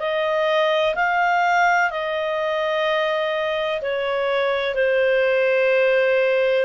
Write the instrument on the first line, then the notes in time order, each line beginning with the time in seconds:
clarinet
0.00 D#5
0.96 F5
1.91 D#5
3.82 C#5
4.75 C5